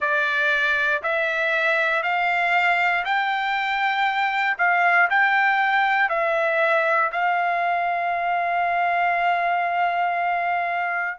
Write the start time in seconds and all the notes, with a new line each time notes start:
0.00 D5
1.03 E5
2.02 F5
3.05 G5
4.58 F5
5.10 G5
6.09 E5
7.12 F5